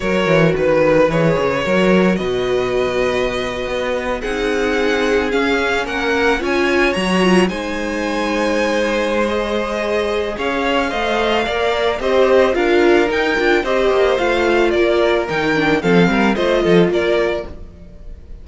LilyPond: <<
  \new Staff \with { instrumentName = "violin" } { \time 4/4 \tempo 4 = 110 cis''4 b'4 cis''2 | dis''2.~ dis''8. fis''16~ | fis''4.~ fis''16 f''4 fis''4 gis''16~ | gis''8. ais''4 gis''2~ gis''16~ |
gis''4 dis''2 f''4~ | f''2 dis''4 f''4 | g''4 dis''4 f''4 d''4 | g''4 f''4 dis''4 d''4 | }
  \new Staff \with { instrumentName = "violin" } { \time 4/4 ais'4 b'2 ais'4 | b'2.~ b'8. gis'16~ | gis'2~ gis'8. ais'4 cis''16~ | cis''4.~ cis''16 c''2~ c''16~ |
c''2. cis''4 | dis''4 d''4 c''4 ais'4~ | ais'4 c''2 ais'4~ | ais'4 a'8 ais'8 c''8 a'8 ais'4 | }
  \new Staff \with { instrumentName = "viola" } { \time 4/4 fis'2 gis'4 fis'4~ | fis'2.~ fis'8. dis'16~ | dis'4.~ dis'16 cis'2 f'16~ | f'8. fis'8 f'8 dis'2~ dis'16~ |
dis'4 gis'2. | c''4 ais'4 g'4 f'4 | dis'8 f'8 g'4 f'2 | dis'8 d'8 c'4 f'2 | }
  \new Staff \with { instrumentName = "cello" } { \time 4/4 fis8 e8 dis4 e8 cis8 fis4 | b,2~ b,8. b4 c'16~ | c'4.~ c'16 cis'4 ais4 cis'16~ | cis'8. fis4 gis2~ gis16~ |
gis2. cis'4 | a4 ais4 c'4 d'4 | dis'8 d'8 c'8 ais8 a4 ais4 | dis4 f8 g8 a8 f8 ais4 | }
>>